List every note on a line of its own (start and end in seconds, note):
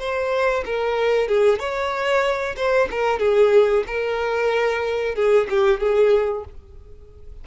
0.00 0.65 C5
0.65 1.28 A#4
1.28 1.59 G#4
1.59 2.56 C#5
2.57 2.89 C5
2.91 3.20 A#4
3.20 3.84 G#4
3.87 5.15 A#4
5.15 5.48 G#4
5.50 5.80 G4
5.80 6.45 G#4